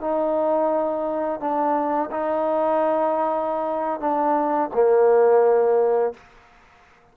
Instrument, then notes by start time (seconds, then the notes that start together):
trombone
0.00 D#4
1.40 D4
2.11 D#4
4.00 D4
4.74 A#3